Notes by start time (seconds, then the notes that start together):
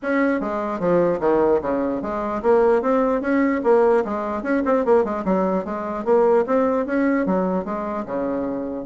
0.02 C#4
0.40 G#3
0.79 F3
1.20 D#3
1.61 C#3
2.01 G#3
2.42 A#3
2.82 C4
3.21 C#4
3.63 A#3
4.05 G#3
4.42 C#4
4.65 C4
4.85 A#3
5.04 G#3
5.25 F#3
5.65 G#3
6.05 A#3
6.46 C4
6.86 C#4
7.26 F#3
7.64 G#3
8.05 C#3